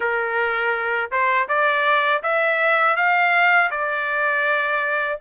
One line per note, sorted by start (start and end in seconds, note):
0.00 1.10 A#4
1.11 1.48 C5
1.48 2.22 D5
2.22 2.96 E5
2.96 3.70 F5
3.70 5.19 D5